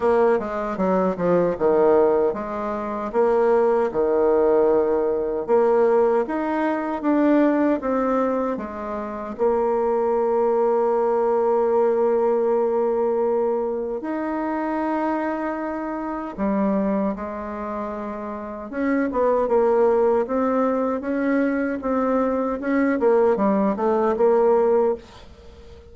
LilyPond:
\new Staff \with { instrumentName = "bassoon" } { \time 4/4 \tempo 4 = 77 ais8 gis8 fis8 f8 dis4 gis4 | ais4 dis2 ais4 | dis'4 d'4 c'4 gis4 | ais1~ |
ais2 dis'2~ | dis'4 g4 gis2 | cis'8 b8 ais4 c'4 cis'4 | c'4 cis'8 ais8 g8 a8 ais4 | }